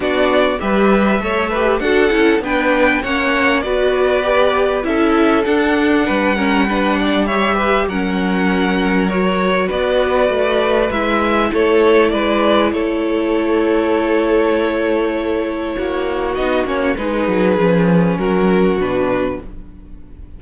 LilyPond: <<
  \new Staff \with { instrumentName = "violin" } { \time 4/4 \tempo 4 = 99 d''4 e''2 fis''4 | g''4 fis''4 d''2 | e''4 fis''2. | e''4 fis''2 cis''4 |
d''2 e''4 cis''4 | d''4 cis''2.~ | cis''2. dis''8 cis''8 | b'2 ais'4 b'4 | }
  \new Staff \with { instrumentName = "violin" } { \time 4/4 fis'4 b'4 cis''8 b'8 a'4 | b'4 cis''4 b'2 | a'2 b'8 ais'8 b'8 d''8 | cis''8 b'8 ais'2. |
b'2. a'4 | b'4 a'2.~ | a'2 fis'2 | gis'2 fis'2 | }
  \new Staff \with { instrumentName = "viola" } { \time 4/4 d'4 g'4 a'8 g'8 fis'8 e'8 | d'4 cis'4 fis'4 g'4 | e'4 d'4. cis'8 d'4 | g'4 cis'2 fis'4~ |
fis'2 e'2~ | e'1~ | e'2. dis'8 cis'8 | dis'4 cis'2 d'4 | }
  \new Staff \with { instrumentName = "cello" } { \time 4/4 b4 g4 a4 d'8 cis'8 | b4 ais4 b2 | cis'4 d'4 g2~ | g4 fis2. |
b4 a4 gis4 a4 | gis4 a2.~ | a2 ais4 b8 ais8 | gis8 fis8 f4 fis4 b,4 | }
>>